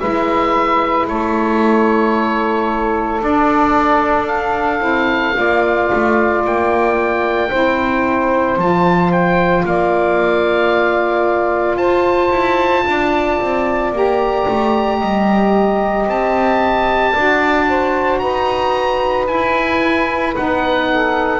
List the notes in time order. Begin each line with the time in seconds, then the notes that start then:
0.00 G#3 E4 B4 E5
1.08 A3 A4 C#5
3.21 D4 D5
4.27 F5
4.80 C4 E4
5.33 A#3 F4 D5
5.93 A3
6.45 A#3 G5
7.50 C4 E4 C5
8.57 F3 F4 A5
9.12 G5
9.65 A#3 D5 F5
11.76 F4 C5 A5
12.31 E4
12.87 D4 D5
13.41 C4
13.93 A#3 G4 A#5
14.48 A3
14.99 G3 D#5
16.07 C4 A5
17.12 D4 F#4 D5
17.69 C5
18.19 D#4 B4 A#5
19.27 E4 G#5
20.35 B3 D#4 F#5
20.91 A4